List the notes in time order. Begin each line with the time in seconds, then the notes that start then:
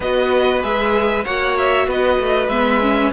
0.00 B3 F#4 B4 D#5
0.62 G#3 G#4 E5
1.24 A#3 F#4 C#5 F#5
1.58 E5
1.87 B3 B4 D#5
2.19 A3
2.48 G#3 B3 E5
2.81 C#4